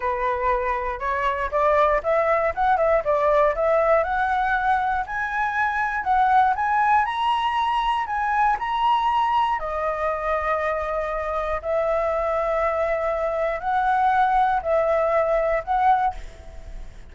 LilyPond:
\new Staff \with { instrumentName = "flute" } { \time 4/4 \tempo 4 = 119 b'2 cis''4 d''4 | e''4 fis''8 e''8 d''4 e''4 | fis''2 gis''2 | fis''4 gis''4 ais''2 |
gis''4 ais''2 dis''4~ | dis''2. e''4~ | e''2. fis''4~ | fis''4 e''2 fis''4 | }